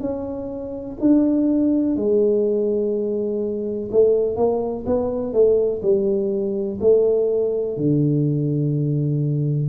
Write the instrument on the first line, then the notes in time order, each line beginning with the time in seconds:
tuba
0.00 C#4
1.00 D4
1.96 G#3
3.91 A3
4.35 A#3
4.86 B3
5.32 A3
5.82 G3
6.80 A3
7.77 D3